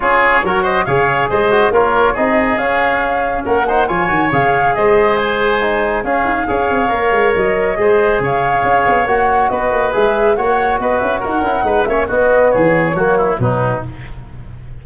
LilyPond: <<
  \new Staff \with { instrumentName = "flute" } { \time 4/4 \tempo 4 = 139 cis''4. dis''8 f''4 dis''4 | cis''4 dis''4 f''2 | fis''4 gis''4 f''4 dis''4 | gis''2 f''2~ |
f''4 dis''2 f''4~ | f''4 fis''4 dis''4 e''4 | fis''4 dis''8 e''8 fis''4. e''8 | dis''4 cis''2 b'4 | }
  \new Staff \with { instrumentName = "oboe" } { \time 4/4 gis'4 ais'8 c''8 cis''4 c''4 | ais'4 gis'2. | ais'8 c''8 cis''2 c''4~ | c''2 gis'4 cis''4~ |
cis''2 c''4 cis''4~ | cis''2 b'2 | cis''4 b'4 ais'4 b'8 cis''8 | fis'4 gis'4 fis'8 e'8 dis'4 | }
  \new Staff \with { instrumentName = "trombone" } { \time 4/4 f'4 fis'4 gis'4. fis'8 | f'4 dis'4 cis'2~ | cis'8 dis'8 f'8 fis'8 gis'2~ | gis'4 dis'4 cis'4 gis'4 |
ais'2 gis'2~ | gis'4 fis'2 gis'4 | fis'2~ fis'8 e'8 dis'8 cis'8 | b2 ais4 fis4 | }
  \new Staff \with { instrumentName = "tuba" } { \time 4/4 cis'4 fis4 cis4 gis4 | ais4 c'4 cis'2 | ais4 f8 dis8 cis4 gis4~ | gis2 cis'8 dis'8 cis'8 c'8 |
ais8 gis8 fis4 gis4 cis4 | cis'8 b8 ais4 b8 ais8 gis4 | ais4 b8 cis'8 dis'8 cis'8 gis8 ais8 | b4 e4 fis4 b,4 | }
>>